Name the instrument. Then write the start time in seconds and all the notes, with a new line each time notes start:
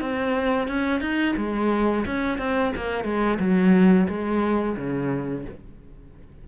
cello
0.00 C4
0.68 C#4
1.00 D#4
1.36 G#3
2.05 C#4
2.38 C4
2.76 A#3
3.04 G#3
3.39 F#3
4.08 G#3
4.76 C#3